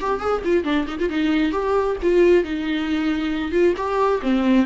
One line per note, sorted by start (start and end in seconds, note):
0.00 0.19 G4
0.19 0.42 G#4
0.44 0.64 F4
0.64 0.86 D4
0.87 0.98 D#4
0.99 1.09 F4
1.09 1.52 D#4
1.52 1.96 G4
2.02 2.43 F4
2.43 3.51 D#4
3.51 3.74 F4
3.77 4.21 G4
4.22 4.65 C4